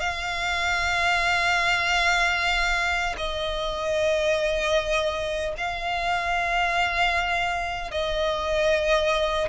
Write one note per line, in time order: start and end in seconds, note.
0.00 3.16 F5
3.18 5.55 D#5
5.58 7.91 F5
7.91 9.49 D#5